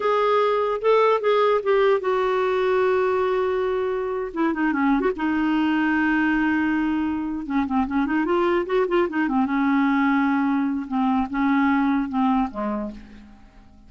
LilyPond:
\new Staff \with { instrumentName = "clarinet" } { \time 4/4 \tempo 4 = 149 gis'2 a'4 gis'4 | g'4 fis'2.~ | fis'2~ fis'8. e'8 dis'8 cis'16~ | cis'8 fis'16 dis'2.~ dis'16~ |
dis'2~ dis'8 cis'8 c'8 cis'8 | dis'8 f'4 fis'8 f'8 dis'8 c'8 cis'8~ | cis'2. c'4 | cis'2 c'4 gis4 | }